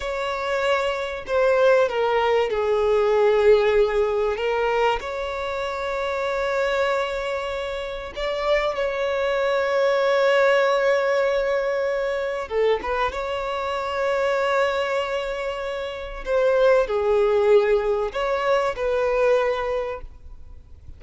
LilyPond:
\new Staff \with { instrumentName = "violin" } { \time 4/4 \tempo 4 = 96 cis''2 c''4 ais'4 | gis'2. ais'4 | cis''1~ | cis''4 d''4 cis''2~ |
cis''1 | a'8 b'8 cis''2.~ | cis''2 c''4 gis'4~ | gis'4 cis''4 b'2 | }